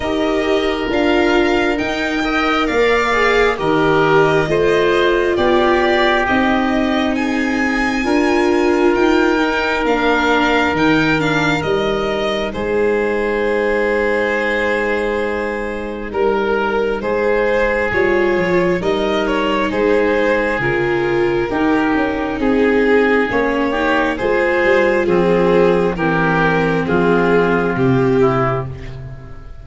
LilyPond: <<
  \new Staff \with { instrumentName = "violin" } { \time 4/4 \tempo 4 = 67 dis''4 f''4 g''4 f''4 | dis''2 d''4 dis''4 | gis''2 g''4 f''4 | g''8 f''8 dis''4 c''2~ |
c''2 ais'4 c''4 | cis''4 dis''8 cis''8 c''4 ais'4~ | ais'4 gis'4 cis''4 c''4 | gis'4 ais'4 gis'4 g'4 | }
  \new Staff \with { instrumentName = "oboe" } { \time 4/4 ais'2~ ais'8 dis''8 d''4 | ais'4 c''4 g'2 | gis'4 ais'2.~ | ais'2 gis'2~ |
gis'2 ais'4 gis'4~ | gis'4 ais'4 gis'2 | g'4 gis'4. g'8 gis'4 | c'4 g'4 f'4. e'8 | }
  \new Staff \with { instrumentName = "viola" } { \time 4/4 g'4 f'4 dis'8 ais'4 gis'8 | g'4 f'2 dis'4~ | dis'4 f'4. dis'8 d'4 | dis'8 d'8 dis'2.~ |
dis'1 | f'4 dis'2 f'4 | dis'2 cis'8 dis'8 f'4~ | f'4 c'2. | }
  \new Staff \with { instrumentName = "tuba" } { \time 4/4 dis'4 d'4 dis'4 ais4 | dis4 a4 b4 c'4~ | c'4 d'4 dis'4 ais4 | dis4 g4 gis2~ |
gis2 g4 gis4 | g8 f8 g4 gis4 cis4 | dis'8 cis'8 c'4 ais4 gis8 g8 | f4 e4 f4 c4 | }
>>